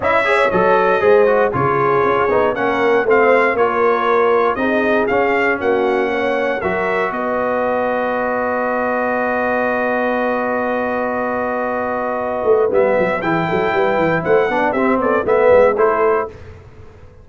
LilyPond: <<
  \new Staff \with { instrumentName = "trumpet" } { \time 4/4 \tempo 4 = 118 e''4 dis''2 cis''4~ | cis''4 fis''4 f''4 cis''4~ | cis''4 dis''4 f''4 fis''4~ | fis''4 e''4 dis''2~ |
dis''1~ | dis''1~ | dis''4 e''4 g''2 | fis''4 e''8 d''8 e''4 c''4 | }
  \new Staff \with { instrumentName = "horn" } { \time 4/4 dis''8 cis''4. c''4 gis'4~ | gis'4 ais'4 c''4 ais'4~ | ais'4 gis'2 fis'4 | cis''4 ais'4 b'2~ |
b'1~ | b'1~ | b'2 gis'8 a'8 b'4 | c''8 d''8 g'8 a'8 b'4 a'4 | }
  \new Staff \with { instrumentName = "trombone" } { \time 4/4 e'8 gis'8 a'4 gis'8 fis'8 f'4~ | f'8 dis'8 cis'4 c'4 f'4~ | f'4 dis'4 cis'2~ | cis'4 fis'2.~ |
fis'1~ | fis'1~ | fis'4 b4 e'2~ | e'8 d'8 c'4 b4 e'4 | }
  \new Staff \with { instrumentName = "tuba" } { \time 4/4 cis'4 fis4 gis4 cis4 | cis'8 b8 ais4 a4 ais4~ | ais4 c'4 cis'4 ais4~ | ais4 fis4 b2~ |
b1~ | b1~ | b8 a8 g8 fis8 e8 fis8 g8 e8 | a8 b8 c'8 b8 a8 gis8 a4 | }
>>